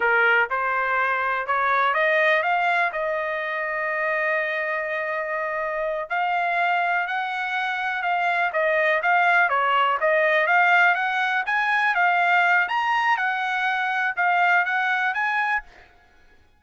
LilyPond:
\new Staff \with { instrumentName = "trumpet" } { \time 4/4 \tempo 4 = 123 ais'4 c''2 cis''4 | dis''4 f''4 dis''2~ | dis''1~ | dis''8 f''2 fis''4.~ |
fis''8 f''4 dis''4 f''4 cis''8~ | cis''8 dis''4 f''4 fis''4 gis''8~ | gis''8 f''4. ais''4 fis''4~ | fis''4 f''4 fis''4 gis''4 | }